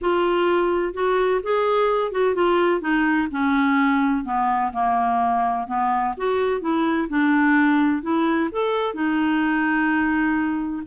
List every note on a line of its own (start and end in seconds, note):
0.01 0.93 F4
0.93 1.40 F#4
1.43 2.11 G#4
2.11 2.35 F#4
2.35 2.80 F4
2.80 3.28 D#4
3.31 4.24 C#4
4.24 4.71 B3
4.72 5.67 A#3
5.67 6.14 B3
6.17 6.60 F#4
6.60 7.07 E4
7.08 8.02 D4
8.02 8.49 E4
8.51 8.93 A4
8.93 10.82 D#4